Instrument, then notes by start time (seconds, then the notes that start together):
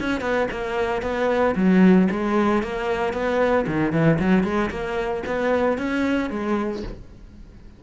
cello
0.00 C#4
0.21 B3
0.51 A#3
1.02 B3
1.56 F#3
2.11 G#3
2.63 A#3
3.13 B3
3.67 D#3
3.92 E3
4.19 F#3
4.44 G#3
4.71 A#3
5.27 B3
5.78 C#4
6.30 G#3